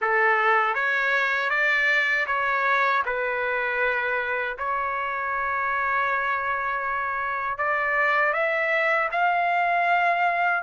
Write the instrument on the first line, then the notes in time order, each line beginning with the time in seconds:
trumpet
0.01 A4
0.74 C#5
1.49 D5
2.26 C#5
3.06 B4
4.58 C#5
7.57 D5
8.33 E5
9.11 F5